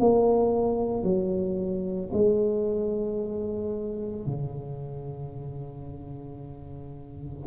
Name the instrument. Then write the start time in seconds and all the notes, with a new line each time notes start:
tuba
0.00 A#3
1.03 F#3
2.13 G#3
4.27 C#3